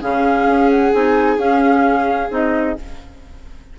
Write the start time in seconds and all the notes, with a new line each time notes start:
0.00 C#3 C#4 G#4 F5
0.46 C#4
0.70 F#5
0.93 C4 D#4 G#5
1.37 C#4 F5
2.30 C4 D#4 D#5